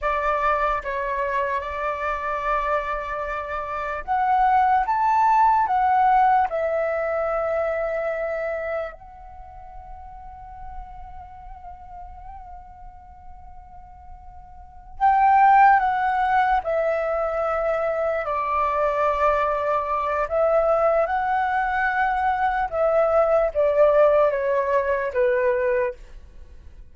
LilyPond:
\new Staff \with { instrumentName = "flute" } { \time 4/4 \tempo 4 = 74 d''4 cis''4 d''2~ | d''4 fis''4 a''4 fis''4 | e''2. fis''4~ | fis''1~ |
fis''2~ fis''8 g''4 fis''8~ | fis''8 e''2 d''4.~ | d''4 e''4 fis''2 | e''4 d''4 cis''4 b'4 | }